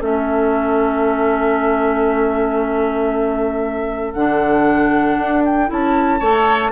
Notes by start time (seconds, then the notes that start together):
0.00 A3 C#4 A4 E5
4.13 D3 D4 F#5
5.17 D4
5.45 G5
5.67 C#4 E4 A5
6.19 A3 A4 C#5